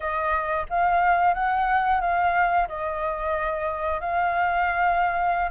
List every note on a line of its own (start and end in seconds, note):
0.00 0.66 D#5
0.69 1.34 F5
1.34 2.00 F#5
2.00 2.67 F5
2.68 4.00 D#5
4.00 5.50 F5